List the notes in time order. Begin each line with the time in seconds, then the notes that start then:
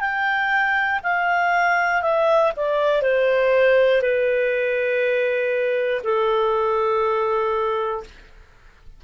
0.00 G5
1.03 F5
2.02 E5
2.56 D5
3.02 C5
4.02 B4
6.03 A4